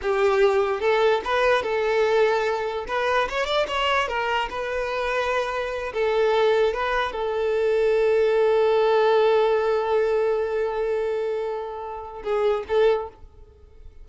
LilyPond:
\new Staff \with { instrumentName = "violin" } { \time 4/4 \tempo 4 = 147 g'2 a'4 b'4 | a'2. b'4 | cis''8 d''8 cis''4 ais'4 b'4~ | b'2~ b'8 a'4.~ |
a'8 b'4 a'2~ a'8~ | a'1~ | a'1~ | a'2 gis'4 a'4 | }